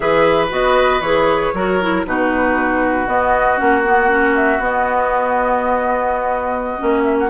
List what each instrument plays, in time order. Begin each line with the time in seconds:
0.00 bassoon E3, clarinet G#4, oboe B4, flute E5
0.49 bassoon B3, clarinet F#4, flute D#5
1.00 bassoon E3, clarinet G#4, flute C#5
1.53 bassoon F#3, clarinet F#4, oboe A#4
1.81 clarinet E4
2.06 bassoon B2, clarinet D#4, oboe F#4, flute B4
3.07 bassoon B3, clarinet B3, flute D#5
3.57 bassoon A#3, clarinet C#4, flute F#5
3.84 clarinet B3
4.08 clarinet C#4
4.36 flute E5
4.58 bassoon B3, clarinet B3, flute D#5
6.78 bassoon A#3, clarinet C#4
7.03 flute E5
7.19 flute F#5